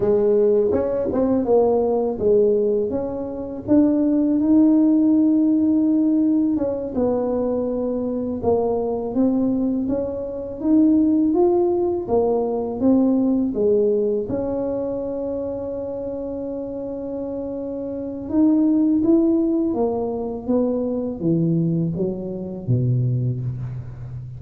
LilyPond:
\new Staff \with { instrumentName = "tuba" } { \time 4/4 \tempo 4 = 82 gis4 cis'8 c'8 ais4 gis4 | cis'4 d'4 dis'2~ | dis'4 cis'8 b2 ais8~ | ais8 c'4 cis'4 dis'4 f'8~ |
f'8 ais4 c'4 gis4 cis'8~ | cis'1~ | cis'4 dis'4 e'4 ais4 | b4 e4 fis4 b,4 | }